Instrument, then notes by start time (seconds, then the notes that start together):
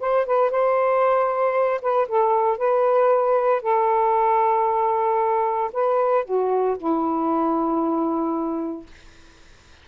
saxophone
0.00 C5
0.26 B4
0.50 C5
1.81 B4
2.08 A4
2.57 B4
3.62 A4
5.72 B4
6.25 F#4
6.78 E4